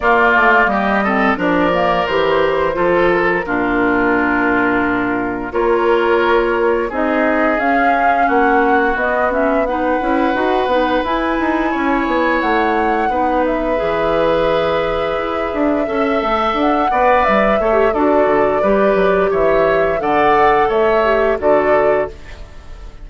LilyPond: <<
  \new Staff \with { instrumentName = "flute" } { \time 4/4 \tempo 4 = 87 d''4 dis''4 d''4 c''4~ | c''8 ais'2.~ ais'8 | cis''2 dis''4 f''4 | fis''4 dis''8 e''8 fis''2 |
gis''2 fis''4. e''8~ | e''1 | fis''4 e''4 d''2 | e''4 fis''4 e''4 d''4 | }
  \new Staff \with { instrumentName = "oboe" } { \time 4/4 f'4 g'8 a'8 ais'2 | a'4 f'2. | ais'2 gis'2 | fis'2 b'2~ |
b'4 cis''2 b'4~ | b'2. e''4~ | e''8 d''4 cis''8 a'4 b'4 | cis''4 d''4 cis''4 a'4 | }
  \new Staff \with { instrumentName = "clarinet" } { \time 4/4 ais4. c'8 d'8 ais8 g'4 | f'4 d'2. | f'2 dis'4 cis'4~ | cis'4 b8 cis'8 dis'8 e'8 fis'8 dis'8 |
e'2. dis'4 | gis'2. a'4~ | a'8 b'4 a'16 g'16 fis'4 g'4~ | g'4 a'4. g'8 fis'4 | }
  \new Staff \with { instrumentName = "bassoon" } { \time 4/4 ais8 a8 g4 f4 e4 | f4 ais,2. | ais2 c'4 cis'4 | ais4 b4. cis'8 dis'8 b8 |
e'8 dis'8 cis'8 b8 a4 b4 | e2 e'8 d'8 cis'8 a8 | d'8 b8 g8 a8 d'8 d8 g8 fis8 | e4 d4 a4 d4 | }
>>